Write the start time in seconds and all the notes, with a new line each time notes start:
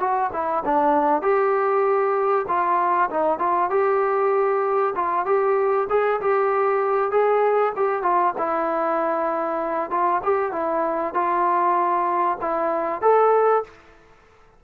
0.00 F#4
0.33 E4
0.66 D4
1.22 G4
2.48 F4
3.11 D#4
3.39 F4
3.71 G4
4.96 F4
5.26 G4
5.90 G#4
6.21 G4
7.11 G#4
7.76 G4
8.03 F4
8.38 E4
9.91 F4
10.24 G4
10.52 E4
11.15 F4
12.42 E4
13.02 A4